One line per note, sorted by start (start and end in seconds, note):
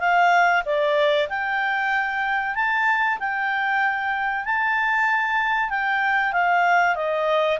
0.00 0.63 F5
0.65 1.28 D5
1.29 2.55 G5
2.55 3.18 A5
3.19 4.45 G5
4.45 5.70 A5
5.70 6.32 G5
6.32 6.95 F5
6.95 7.58 D#5